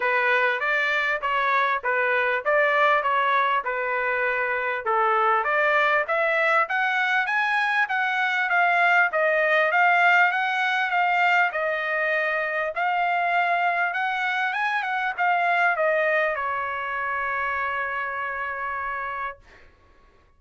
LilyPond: \new Staff \with { instrumentName = "trumpet" } { \time 4/4 \tempo 4 = 99 b'4 d''4 cis''4 b'4 | d''4 cis''4 b'2 | a'4 d''4 e''4 fis''4 | gis''4 fis''4 f''4 dis''4 |
f''4 fis''4 f''4 dis''4~ | dis''4 f''2 fis''4 | gis''8 fis''8 f''4 dis''4 cis''4~ | cis''1 | }